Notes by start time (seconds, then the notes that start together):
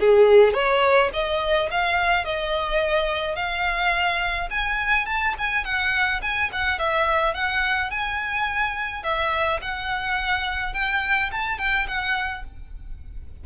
0.00 G#4
0.54 C#5
1.13 D#5
1.71 F5
2.25 D#5
3.36 F5
4.50 G#5
5.06 A5
5.39 G#5
5.64 F#5
6.22 G#5
6.52 F#5
6.79 E5
7.34 F#5
7.91 G#5
9.03 E5
9.62 F#5
10.74 G5
11.32 A5
11.59 G5
11.87 F#5